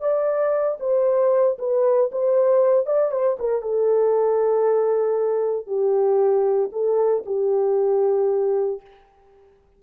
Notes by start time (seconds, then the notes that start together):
0.00 D5
0.80 C5
1.58 B4
2.11 C5
2.86 D5
3.11 C5
3.39 A#4
3.62 A4
5.66 G4
6.72 A4
7.25 G4